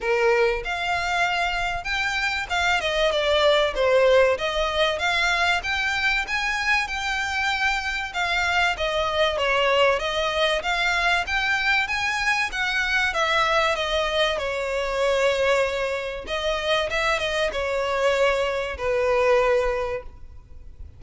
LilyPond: \new Staff \with { instrumentName = "violin" } { \time 4/4 \tempo 4 = 96 ais'4 f''2 g''4 | f''8 dis''8 d''4 c''4 dis''4 | f''4 g''4 gis''4 g''4~ | g''4 f''4 dis''4 cis''4 |
dis''4 f''4 g''4 gis''4 | fis''4 e''4 dis''4 cis''4~ | cis''2 dis''4 e''8 dis''8 | cis''2 b'2 | }